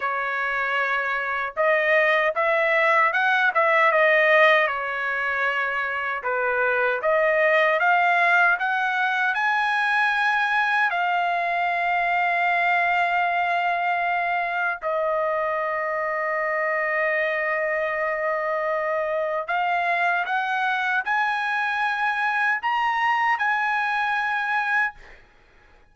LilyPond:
\new Staff \with { instrumentName = "trumpet" } { \time 4/4 \tempo 4 = 77 cis''2 dis''4 e''4 | fis''8 e''8 dis''4 cis''2 | b'4 dis''4 f''4 fis''4 | gis''2 f''2~ |
f''2. dis''4~ | dis''1~ | dis''4 f''4 fis''4 gis''4~ | gis''4 ais''4 gis''2 | }